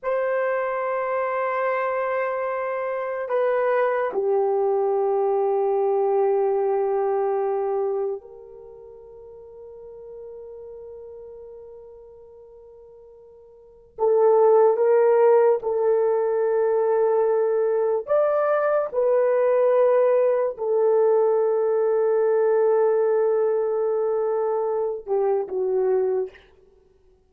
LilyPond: \new Staff \with { instrumentName = "horn" } { \time 4/4 \tempo 4 = 73 c''1 | b'4 g'2.~ | g'2 ais'2~ | ais'1~ |
ais'4 a'4 ais'4 a'4~ | a'2 d''4 b'4~ | b'4 a'2.~ | a'2~ a'8 g'8 fis'4 | }